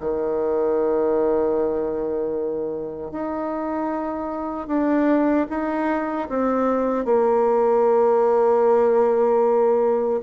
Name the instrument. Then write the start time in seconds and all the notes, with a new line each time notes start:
bassoon
0.00 D#3
3.12 D#4
4.68 D4
5.49 D#4
6.29 C4
7.05 A#3